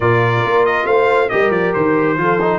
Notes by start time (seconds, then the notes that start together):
0.00 A#2 F4 A#4 D5
0.44 A#3
0.65 D#5
0.86 A3 C5 F5
1.29 G3 G4 A#4 D#5
1.50 F3 D5
1.73 D#3 C5
2.17 F3 F4 A4
2.41 D#4